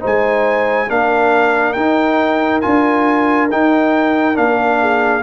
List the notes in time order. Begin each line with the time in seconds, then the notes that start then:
0.00 G#3 D#4 C5 G#5
0.88 A#3 D4 A#4 F5
1.73 D#4 G5
2.61 D4 F4 G#5
3.51 D#4 G5
4.34 A#3 D4 F5
4.80 G#4